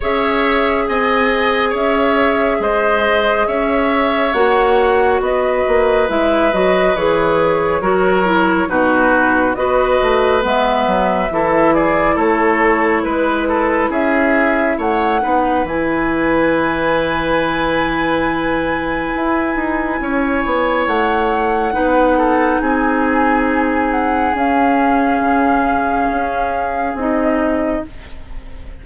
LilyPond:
<<
  \new Staff \with { instrumentName = "flute" } { \time 4/4 \tempo 4 = 69 e''4 gis''4 e''4 dis''4 | e''4 fis''4 dis''4 e''8 dis''8 | cis''2 b'4 dis''4 | e''4. d''8 cis''4 b'4 |
e''4 fis''4 gis''2~ | gis''1 | fis''2 gis''4. fis''8 | f''2. dis''4 | }
  \new Staff \with { instrumentName = "oboe" } { \time 4/4 cis''4 dis''4 cis''4 c''4 | cis''2 b'2~ | b'4 ais'4 fis'4 b'4~ | b'4 a'8 gis'8 a'4 b'8 a'8 |
gis'4 cis''8 b'2~ b'8~ | b'2. cis''4~ | cis''4 b'8 a'8 gis'2~ | gis'1 | }
  \new Staff \with { instrumentName = "clarinet" } { \time 4/4 gis'1~ | gis'4 fis'2 e'8 fis'8 | gis'4 fis'8 e'8 dis'4 fis'4 | b4 e'2.~ |
e'4. dis'8 e'2~ | e'1~ | e'4 dis'2. | cis'2. dis'4 | }
  \new Staff \with { instrumentName = "bassoon" } { \time 4/4 cis'4 c'4 cis'4 gis4 | cis'4 ais4 b8 ais8 gis8 fis8 | e4 fis4 b,4 b8 a8 | gis8 fis8 e4 a4 gis4 |
cis'4 a8 b8 e2~ | e2 e'8 dis'8 cis'8 b8 | a4 b4 c'2 | cis'4 cis4 cis'4 c'4 | }
>>